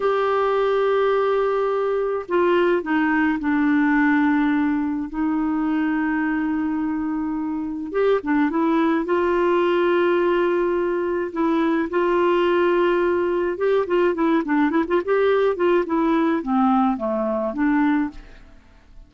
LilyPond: \new Staff \with { instrumentName = "clarinet" } { \time 4/4 \tempo 4 = 106 g'1 | f'4 dis'4 d'2~ | d'4 dis'2.~ | dis'2 g'8 d'8 e'4 |
f'1 | e'4 f'2. | g'8 f'8 e'8 d'8 e'16 f'16 g'4 f'8 | e'4 c'4 a4 d'4 | }